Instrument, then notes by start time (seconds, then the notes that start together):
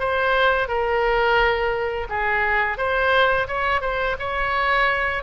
oboe
0.00 C5
0.68 A#4
2.09 G#4
2.78 C5
3.48 C#5
3.82 C5
4.20 C#5